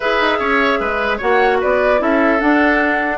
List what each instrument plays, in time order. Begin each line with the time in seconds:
0.00 bassoon E4, clarinet G#4, oboe B4, flute E5
0.20 bassoon D#4
0.39 bassoon C#4, oboe C#5
0.80 bassoon G#3, oboe B4
1.17 bassoon A#3, clarinet F#4, oboe C#5, flute F#5
1.60 bassoon B3, oboe B4, flute D5
1.98 bassoon C#4, clarinet E4, oboe A4, flute E5
2.40 clarinet D4, bassoon D4, flute F#5